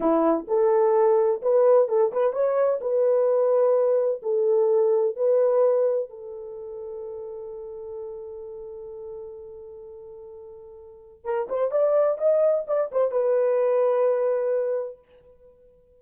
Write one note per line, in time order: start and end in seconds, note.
0.00 0.46 E4
0.47 1.41 A4
1.42 1.88 B4
1.88 2.12 A4
2.12 2.32 B4
2.32 2.79 C#5
2.81 4.21 B4
4.22 5.16 A4
5.16 6.09 B4
6.09 11.24 A4
11.24 11.47 A#4
11.49 11.71 C5
11.71 12.18 D5
12.18 12.65 D#5
12.67 12.90 D5
12.91 13.11 C5
13.11 14.98 B4